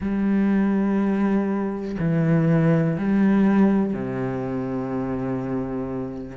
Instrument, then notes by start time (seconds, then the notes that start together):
cello
0.00 G3
1.99 E3
2.98 G3
3.93 C3